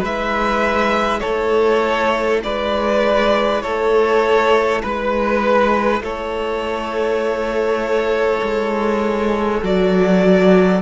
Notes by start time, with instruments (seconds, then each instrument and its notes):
0.00 cello G#3, viola E4, violin B4 E5
1.21 cello A3, violin A4 C#5
2.44 cello G#3, violin B4 D5
3.62 cello A3, violin A4 C#5
4.83 cello G#3, violin B4
6.01 cello A3, violin A4 C#5
8.42 cello G#3
9.63 cello F#3, viola F#4, violin D5